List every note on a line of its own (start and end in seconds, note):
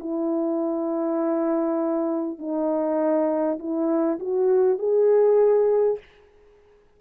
0.00 2.39 E4
2.39 3.59 D#4
3.59 4.19 E4
4.19 4.79 F#4
4.79 5.99 G#4